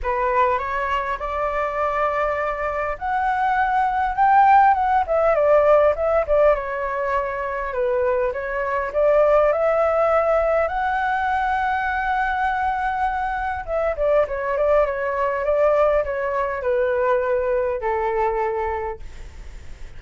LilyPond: \new Staff \with { instrumentName = "flute" } { \time 4/4 \tempo 4 = 101 b'4 cis''4 d''2~ | d''4 fis''2 g''4 | fis''8 e''8 d''4 e''8 d''8 cis''4~ | cis''4 b'4 cis''4 d''4 |
e''2 fis''2~ | fis''2. e''8 d''8 | cis''8 d''8 cis''4 d''4 cis''4 | b'2 a'2 | }